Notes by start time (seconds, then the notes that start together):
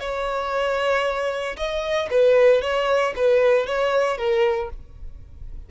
0.00 C#5
1.57 D#5
2.10 B4
2.61 C#5
3.16 B4
3.66 C#5
4.17 A#4